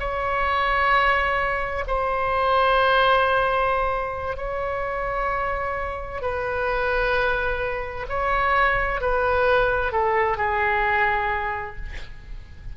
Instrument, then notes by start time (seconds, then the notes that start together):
oboe
0.00 C#5
1.88 C5
4.37 C#5
6.22 B4
8.09 C#5
9.01 B4
9.92 A4
10.38 G#4